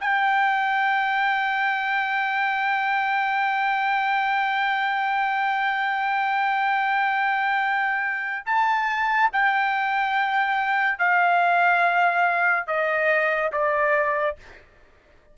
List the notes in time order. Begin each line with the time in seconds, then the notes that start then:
0.00 G5
8.45 A5
9.32 G5
10.99 F5
12.66 D#5
13.52 D5